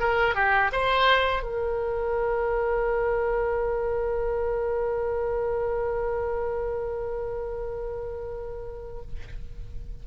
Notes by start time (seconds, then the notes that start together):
0.00 A#4
0.35 G4
0.72 C5
1.43 A#4